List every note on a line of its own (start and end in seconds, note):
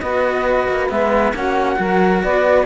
0.00 0.68 B3
0.00 0.89 F#4
0.00 1.34 B4
0.00 0.88 D#5
0.68 0.91 A#3
0.89 1.33 G#3
0.89 1.33 B3
0.89 1.34 E5
1.33 1.77 A#3
1.33 1.76 C#4
1.33 1.80 F#4
1.33 2.23 F#5
1.76 2.23 F#3
1.76 2.64 F#4
1.76 2.23 A#4
2.23 2.66 B3
2.23 2.66 B4
2.23 2.66 D5